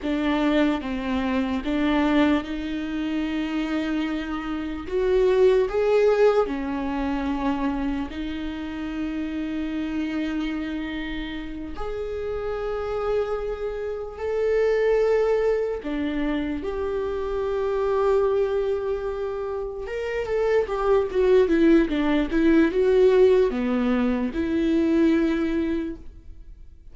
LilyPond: \new Staff \with { instrumentName = "viola" } { \time 4/4 \tempo 4 = 74 d'4 c'4 d'4 dis'4~ | dis'2 fis'4 gis'4 | cis'2 dis'2~ | dis'2~ dis'8 gis'4.~ |
gis'4. a'2 d'8~ | d'8 g'2.~ g'8~ | g'8 ais'8 a'8 g'8 fis'8 e'8 d'8 e'8 | fis'4 b4 e'2 | }